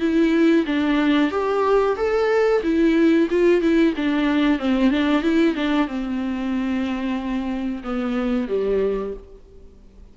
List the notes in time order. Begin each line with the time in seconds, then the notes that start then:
0.00 E4
0.66 D4
1.31 G4
1.97 A4
2.63 E4
3.31 F4
3.62 E4
3.96 D4
4.59 C4
4.91 D4
5.23 E4
5.55 D4
5.88 C4
7.84 B3
8.48 G3